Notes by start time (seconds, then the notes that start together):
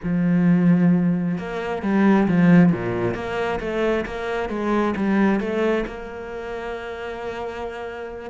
0.03 F3
1.38 A#3
1.82 G3
2.28 F3
2.72 A#2
3.14 A#3
3.60 A3
4.05 A#3
4.49 G#3
4.96 G3
5.40 A3
5.86 A#3